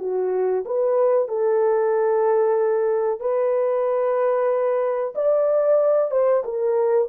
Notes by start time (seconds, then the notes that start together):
0.00 F#4
0.66 B4
1.29 A4
3.21 B4
5.16 D5
6.11 C5
6.45 A#4